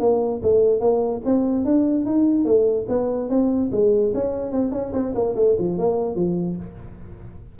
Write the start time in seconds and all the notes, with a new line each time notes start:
0.00 A#3
0.43 A3
0.81 A#3
1.25 C4
1.65 D4
2.05 D#4
2.45 A3
2.89 B3
3.30 C4
3.72 G#3
4.14 C#4
4.52 C4
4.72 C#4
4.93 C4
5.15 A#3
5.36 A3
5.59 F3
5.78 A#3
6.16 F3